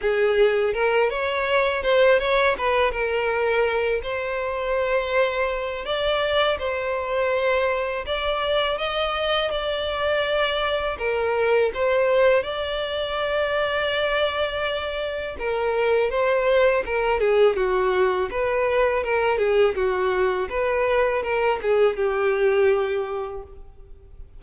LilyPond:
\new Staff \with { instrumentName = "violin" } { \time 4/4 \tempo 4 = 82 gis'4 ais'8 cis''4 c''8 cis''8 b'8 | ais'4. c''2~ c''8 | d''4 c''2 d''4 | dis''4 d''2 ais'4 |
c''4 d''2.~ | d''4 ais'4 c''4 ais'8 gis'8 | fis'4 b'4 ais'8 gis'8 fis'4 | b'4 ais'8 gis'8 g'2 | }